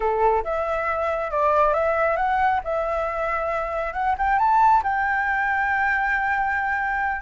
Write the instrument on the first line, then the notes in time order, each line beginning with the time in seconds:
flute
0.00 A4
0.44 E5
1.30 D5
1.73 E5
2.16 F#5
2.64 E5
3.93 F#5
4.18 G5
4.38 A5
4.83 G5